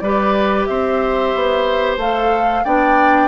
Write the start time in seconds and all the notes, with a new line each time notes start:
0.00 G3 G4 B4 D5
0.66 C4 C5 E5
1.35 B3
1.97 A3 A4 F5
2.64 B3 D4 D5 G5